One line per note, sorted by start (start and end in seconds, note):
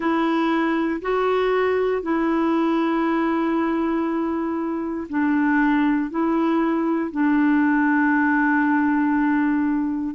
0.00 1.00 E4
1.01 2.02 F#4
2.02 5.07 E4
5.09 6.10 D4
6.10 7.11 E4
7.11 10.14 D4